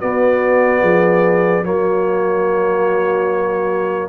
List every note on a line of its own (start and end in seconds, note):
0.00 1.64 B3
0.00 0.82 B3
0.00 0.81 F#4
0.00 1.65 D5
0.81 1.64 F3
0.81 1.63 G#4
1.64 4.09 F#3
1.64 4.09 A#3
1.64 4.09 F#4
1.64 4.09 C#5